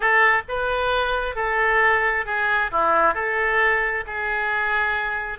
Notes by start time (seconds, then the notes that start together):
0.00 A4
0.48 B4
1.35 A4
2.25 G#4
2.71 E4
3.14 A4
4.06 G#4